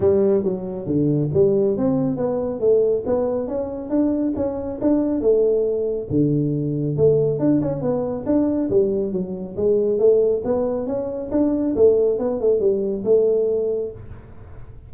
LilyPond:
\new Staff \with { instrumentName = "tuba" } { \time 4/4 \tempo 4 = 138 g4 fis4 d4 g4 | c'4 b4 a4 b4 | cis'4 d'4 cis'4 d'4 | a2 d2 |
a4 d'8 cis'8 b4 d'4 | g4 fis4 gis4 a4 | b4 cis'4 d'4 a4 | b8 a8 g4 a2 | }